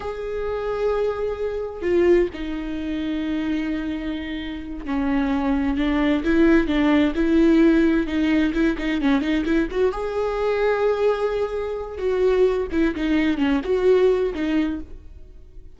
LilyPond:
\new Staff \with { instrumentName = "viola" } { \time 4/4 \tempo 4 = 130 gis'1 | f'4 dis'2.~ | dis'2~ dis'8 cis'4.~ | cis'8 d'4 e'4 d'4 e'8~ |
e'4. dis'4 e'8 dis'8 cis'8 | dis'8 e'8 fis'8 gis'2~ gis'8~ | gis'2 fis'4. e'8 | dis'4 cis'8 fis'4. dis'4 | }